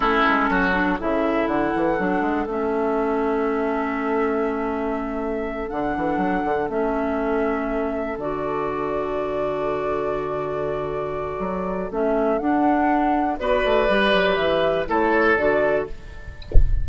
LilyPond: <<
  \new Staff \with { instrumentName = "flute" } { \time 4/4 \tempo 4 = 121 a'2 e''4 fis''4~ | fis''4 e''2.~ | e''2.~ e''8 fis''8~ | fis''4. e''2~ e''8~ |
e''8 d''2.~ d''8~ | d''1 | e''4 fis''2 d''4~ | d''4 e''4 cis''4 d''4 | }
  \new Staff \with { instrumentName = "oboe" } { \time 4/4 e'4 fis'4 a'2~ | a'1~ | a'1~ | a'1~ |
a'1~ | a'1~ | a'2. b'4~ | b'2 a'2 | }
  \new Staff \with { instrumentName = "clarinet" } { \time 4/4 cis'4. d'8 e'2 | d'4 cis'2.~ | cis'2.~ cis'8 d'8~ | d'4. cis'2~ cis'8~ |
cis'8 fis'2.~ fis'8~ | fis'1 | cis'4 d'2 fis'4 | g'2 e'4 fis'4 | }
  \new Staff \with { instrumentName = "bassoon" } { \time 4/4 a8 gis8 fis4 cis4 d8 e8 | fis8 gis8 a2.~ | a2.~ a8 d8 | e8 fis8 d8 a2~ a8~ |
a8 d2.~ d8~ | d2. fis4 | a4 d'2 b8 a8 | g8 fis8 e4 a4 d4 | }
>>